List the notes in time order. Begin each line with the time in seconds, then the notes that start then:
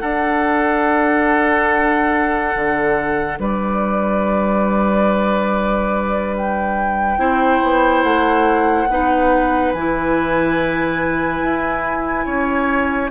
0.00 D4 A4 F#5
2.55 D3
3.38 G3 B4 D5
6.37 G5
7.17 C4 E4 C5
7.62 B3
8.03 A3 F#5
8.89 B3 D#4 B4
9.72 E3 E4 G#5
11.42 E4
12.25 C#4 C#5